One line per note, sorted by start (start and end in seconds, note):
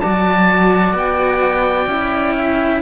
0.00 0.93 F#3
0.00 1.91 F#4
0.00 2.36 D5
0.00 0.94 A5
0.93 1.87 B3
0.93 2.83 G5
1.87 2.81 C#4
1.87 2.83 E4
2.37 2.83 E5